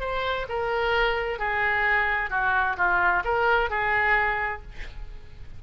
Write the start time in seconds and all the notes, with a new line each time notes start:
0.00 C5
0.49 A#4
1.39 G#4
2.30 F#4
2.77 F4
3.25 A#4
3.70 G#4